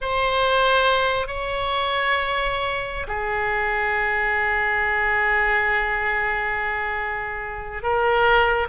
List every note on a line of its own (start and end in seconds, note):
0.01 1.27 C5
1.27 3.07 C#5
3.07 7.83 G#4
7.83 8.67 A#4